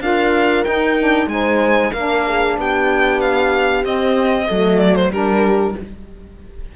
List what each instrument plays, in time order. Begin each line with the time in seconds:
0.00 cello D4, saxophone F4, horn A#4, violin F5
0.64 saxophone D#4, cello D#4, violin G5
0.98 saxophone D4
1.26 cello G#3, saxophone D#4, horn C5, violin G#5
1.92 cello A#3, saxophone D4, horn A#4, violin F5
2.27 horn G#4
2.57 cello B3, horn G4, violin G5
3.20 violin F5
3.83 saxophone C4, cello C4, violin D#5
4.46 cello F#3, saxophone A3, horn A4
4.79 violin D5
4.95 violin C5
5.10 cello G3, saxophone D4, horn G4, violin A#4